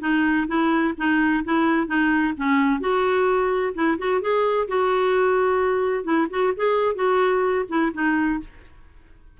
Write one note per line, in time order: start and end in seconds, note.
0.00 0.47 D#4
0.47 0.94 E4
0.97 1.44 D#4
1.44 1.87 E4
1.87 2.33 D#4
2.37 2.80 C#4
2.80 3.73 F#4
3.74 3.97 E4
3.98 4.21 F#4
4.21 4.67 G#4
4.67 6.04 F#4
6.04 6.27 E4
6.30 6.53 F#4
6.56 6.95 G#4
6.95 7.65 F#4
7.68 7.92 E4
7.93 8.40 D#4